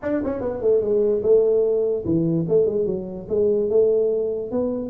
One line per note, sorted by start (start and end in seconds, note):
0.02 0.22 D4
0.24 0.40 C#4
0.40 0.61 B3
0.61 0.81 A3
0.81 1.22 G#3
1.22 2.04 A3
2.05 2.45 E3
2.48 2.65 A3
2.65 2.86 G#3
2.86 3.27 F#3
3.28 3.69 G#3
3.69 4.51 A3
4.51 4.89 B3